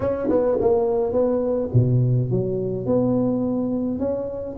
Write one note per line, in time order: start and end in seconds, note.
0.00 0.28 C#4
0.29 0.57 B3
0.60 1.12 A#3
1.12 1.69 B3
1.73 2.30 B2
2.30 2.86 F#3
2.86 3.99 B3
3.99 4.56 C#4